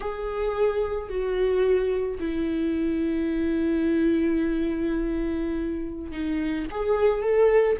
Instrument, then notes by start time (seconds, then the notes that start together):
viola
0.00 G#4
1.09 F#4
2.19 E4
6.11 D#4
6.71 G#4
7.22 A4